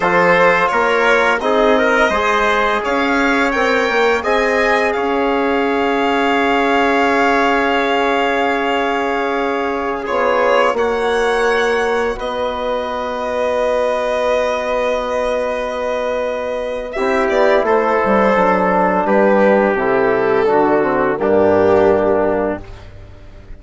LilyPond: <<
  \new Staff \with { instrumentName = "violin" } { \time 4/4 \tempo 4 = 85 c''4 cis''4 dis''2 | f''4 g''4 gis''4 f''4~ | f''1~ | f''2~ f''16 cis''4 fis''8.~ |
fis''4~ fis''16 dis''2~ dis''8.~ | dis''1 | e''8 d''8 c''2 b'4 | a'2 g'2 | }
  \new Staff \with { instrumentName = "trumpet" } { \time 4/4 a'4 ais'4 gis'8 ais'8 c''4 | cis''2 dis''4 cis''4~ | cis''1~ | cis''2~ cis''16 gis'4 cis''8.~ |
cis''4~ cis''16 b'2~ b'8.~ | b'1 | g'4 a'2 g'4~ | g'4 fis'4 d'2 | }
  \new Staff \with { instrumentName = "trombone" } { \time 4/4 f'2 dis'4 gis'4~ | gis'4 ais'4 gis'2~ | gis'1~ | gis'2~ gis'16 f'4 fis'8.~ |
fis'1~ | fis'1 | e'2 d'2 | e'4 d'8 c'8 ais2 | }
  \new Staff \with { instrumentName = "bassoon" } { \time 4/4 f4 ais4 c'4 gis4 | cis'4 c'8 ais8 c'4 cis'4~ | cis'1~ | cis'2~ cis'16 b4 ais8.~ |
ais4~ ais16 b2~ b8.~ | b1 | c'8 b8 a8 g8 fis4 g4 | c4 d4 g,2 | }
>>